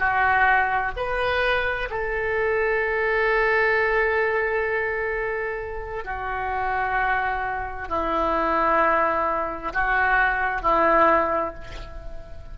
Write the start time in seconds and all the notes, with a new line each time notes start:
0.00 F#4
0.97 B4
1.90 A4
6.05 F#4
7.89 E4
9.74 F#4
10.62 E4